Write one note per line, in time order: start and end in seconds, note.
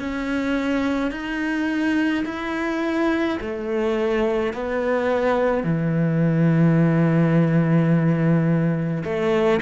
0.00 1.12 C#4
1.12 2.25 D#4
2.26 3.39 E4
3.42 4.54 A3
4.54 5.64 B3
5.64 9.04 E3
9.05 9.61 A3